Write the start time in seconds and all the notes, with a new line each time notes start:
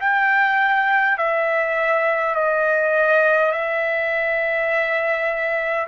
0.00 G5
1.18 E5
2.35 D#5
3.52 E5